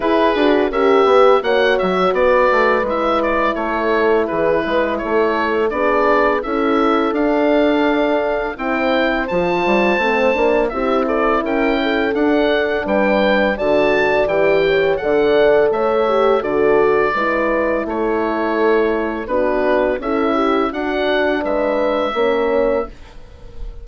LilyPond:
<<
  \new Staff \with { instrumentName = "oboe" } { \time 4/4 \tempo 4 = 84 b'4 e''4 fis''8 e''8 d''4 | e''8 d''8 cis''4 b'4 cis''4 | d''4 e''4 f''2 | g''4 a''2 e''8 d''8 |
g''4 fis''4 g''4 a''4 | g''4 fis''4 e''4 d''4~ | d''4 cis''2 b'4 | e''4 fis''4 e''2 | }
  \new Staff \with { instrumentName = "horn" } { \time 4/4 gis'4 ais'8 b'8 cis''4 b'4~ | b'4 a'4 gis'8 b'8 a'4 | gis'4 a'2. | c''2. g'8 a'8 |
ais'8 a'4. b'4 d''4~ | d''8 cis''8 d''4 cis''4 a'4 | b'4 a'2 fis'4 | a'8 g'8 fis'4 b'4 cis''4 | }
  \new Staff \with { instrumentName = "horn" } { \time 4/4 e'8 fis'8 g'4 fis'2 | e'1 | d'4 e'4 d'2 | e'4 f'4 c'8 d'8 e'4~ |
e'4 d'2 fis'4 | g'4 a'4. g'8 fis'4 | e'2. d'4 | e'4 d'2 cis'4 | }
  \new Staff \with { instrumentName = "bassoon" } { \time 4/4 e'8 d'8 cis'8 b8 ais8 fis8 b8 a8 | gis4 a4 e8 gis8 a4 | b4 cis'4 d'2 | c'4 f8 g8 a8 ais8 c'4 |
cis'4 d'4 g4 d4 | e4 d4 a4 d4 | gis4 a2 b4 | cis'4 d'4 gis4 ais4 | }
>>